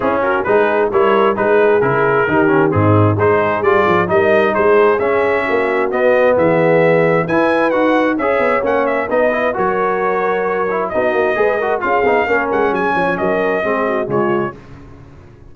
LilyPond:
<<
  \new Staff \with { instrumentName = "trumpet" } { \time 4/4 \tempo 4 = 132 gis'8 ais'8 b'4 cis''4 b'4 | ais'2 gis'4 c''4 | d''4 dis''4 c''4 e''4~ | e''4 dis''4 e''2 |
gis''4 fis''4 e''4 fis''8 e''8 | dis''4 cis''2. | dis''2 f''4. fis''8 | gis''4 dis''2 cis''4 | }
  \new Staff \with { instrumentName = "horn" } { \time 4/4 e'8 fis'8 gis'4 ais'4 gis'4~ | gis'4 g'4 dis'4 gis'4~ | gis'4 ais'4 gis'2 | fis'2 gis'2 |
b'2 cis''2 | b'4 ais'2. | fis'4 b'8 ais'8 gis'4 ais'4 | gis'8 cis''8 ais'4 gis'8 fis'8 f'4 | }
  \new Staff \with { instrumentName = "trombone" } { \time 4/4 cis'4 dis'4 e'4 dis'4 | e'4 dis'8 cis'8 c'4 dis'4 | f'4 dis'2 cis'4~ | cis'4 b2. |
e'4 fis'4 gis'4 cis'4 | dis'8 e'8 fis'2~ fis'8 e'8 | dis'4 gis'8 fis'8 f'8 dis'8 cis'4~ | cis'2 c'4 gis4 | }
  \new Staff \with { instrumentName = "tuba" } { \time 4/4 cis'4 gis4 g4 gis4 | cis4 dis4 gis,4 gis4 | g8 f8 g4 gis4 cis'4 | ais4 b4 e2 |
e'4 dis'4 cis'8 b8 ais4 | b4 fis2. | b8 ais8 gis4 cis'8 b8 ais8 gis8 | fis8 f8 fis4 gis4 cis4 | }
>>